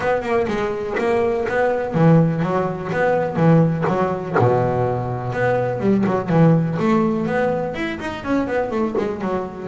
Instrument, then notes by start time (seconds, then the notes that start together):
double bass
0.00 B3
0.22 A#3
0.47 G#3
0.98 A#3
1.48 B3
1.94 E3
2.42 F#3
2.92 B3
3.36 E3
3.87 F#3
4.38 B2
5.32 B3
5.80 G3
6.06 F#3
6.29 E3
6.79 A3
7.26 B3
7.74 E4
7.99 D#4
8.23 C#4
8.47 B3
8.70 A3
8.97 G#3
9.21 F#3